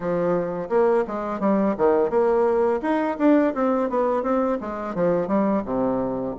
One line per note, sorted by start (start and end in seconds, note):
0.00 0.69 F3
0.69 1.04 A#3
1.07 1.39 G#3
1.39 1.75 G3
1.77 2.10 D#3
2.10 2.80 A#3
2.81 3.17 D#4
3.18 3.53 D4
3.54 3.89 C4
3.89 4.22 B3
4.22 4.58 C4
4.60 4.94 G#3
4.94 5.27 F3
5.27 5.62 G3
5.64 6.35 C3